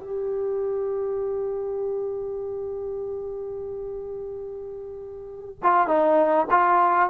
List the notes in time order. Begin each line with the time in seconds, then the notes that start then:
0.00 G4
5.63 F4
5.88 D#4
6.51 F4